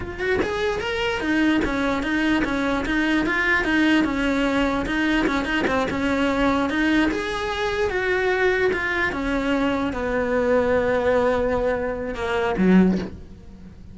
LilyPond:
\new Staff \with { instrumentName = "cello" } { \time 4/4 \tempo 4 = 148 f'8 fis'8 gis'4 ais'4 dis'4 | cis'4 dis'4 cis'4 dis'4 | f'4 dis'4 cis'2 | dis'4 cis'8 dis'8 c'8 cis'4.~ |
cis'8 dis'4 gis'2 fis'8~ | fis'4. f'4 cis'4.~ | cis'8 b2.~ b8~ | b2 ais4 fis4 | }